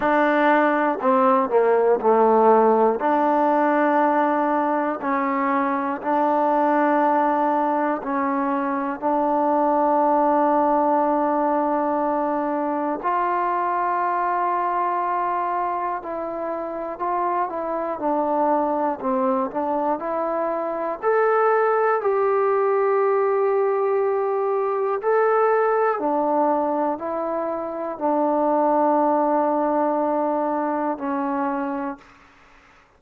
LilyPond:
\new Staff \with { instrumentName = "trombone" } { \time 4/4 \tempo 4 = 60 d'4 c'8 ais8 a4 d'4~ | d'4 cis'4 d'2 | cis'4 d'2.~ | d'4 f'2. |
e'4 f'8 e'8 d'4 c'8 d'8 | e'4 a'4 g'2~ | g'4 a'4 d'4 e'4 | d'2. cis'4 | }